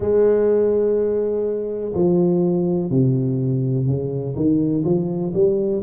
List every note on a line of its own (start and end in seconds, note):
0.00 1.93 G#3
1.93 2.90 F3
2.90 3.86 C3
3.86 4.35 C#3
4.35 4.84 D#3
4.84 5.32 F3
5.34 5.82 G3